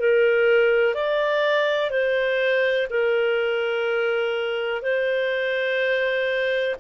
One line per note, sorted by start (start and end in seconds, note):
0.00 0.95 A#4
0.95 1.90 D5
1.90 2.87 C5
2.90 4.82 A#4
4.82 6.76 C5